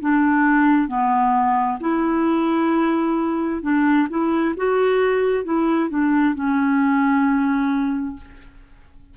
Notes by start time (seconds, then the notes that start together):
0.00 D4
0.88 B3
1.80 E4
3.62 D4
4.09 E4
4.56 F#4
5.44 E4
5.89 D4
6.34 C#4